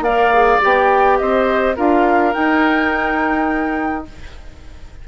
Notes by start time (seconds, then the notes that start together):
0.00 A#3 A#4 D5 F5
0.33 G#4
0.61 B3 G4 G5
1.18 C4 C5 D#5
1.76 D4 F4 A#4 F5
2.33 D#4 G5